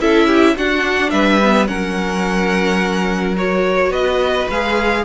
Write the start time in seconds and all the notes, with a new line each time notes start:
0.00 C#4 E4 A4 E5
0.27 G4
0.57 D4 F#4 F#5
1.10 G3 B4 E5
1.42 B3
1.67 F#3 C#4 A#4 F#5
3.36 F#4 C#5
3.89 B3 B4 D#5
4.50 G#3 G#4 F5